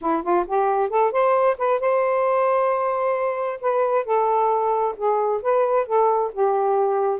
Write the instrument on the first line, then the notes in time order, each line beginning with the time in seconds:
saxophone
0.01 E4
0.22 F4
0.46 G4
0.89 A4
1.11 C5
1.57 B4
1.79 C5
3.60 B4
4.05 A4
4.96 G#4
5.42 B4
5.86 A4
6.32 G4